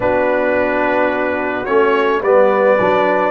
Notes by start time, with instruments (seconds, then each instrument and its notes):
0.00 tuba B3, trombone D4, horn F#4, trumpet B4
1.65 tuba A3, trombone C#4, trumpet C#5
2.20 tuba G3, trombone B3, horn B4, trumpet D5
2.79 tuba F#3, trombone D4